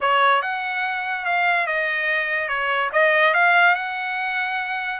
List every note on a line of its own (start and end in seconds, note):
0.01 0.42 C#5
0.42 1.25 F#5
1.25 1.66 F5
1.66 2.48 D#5
2.48 2.90 C#5
2.92 3.33 D#5
3.33 3.75 F5
3.75 4.99 F#5